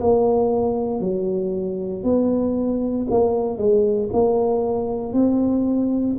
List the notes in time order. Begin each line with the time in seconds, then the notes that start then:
0.00 A#3
1.00 F#3
2.03 B3
3.10 A#3
3.57 G#3
4.12 A#3
5.13 C4